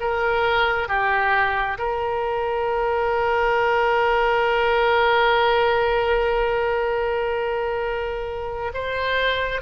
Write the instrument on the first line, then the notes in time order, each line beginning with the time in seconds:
oboe
0.00 A#4
0.88 G4
1.78 A#4
8.74 C5